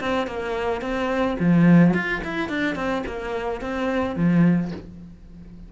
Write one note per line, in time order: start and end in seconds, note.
0.00 0.27 C4
0.27 0.81 A#3
0.81 1.37 C4
1.39 1.94 F3
1.94 2.21 F4
2.24 2.49 E4
2.49 2.75 D4
2.75 3.03 C4
3.06 3.61 A#3
3.61 4.16 C4
4.16 4.71 F3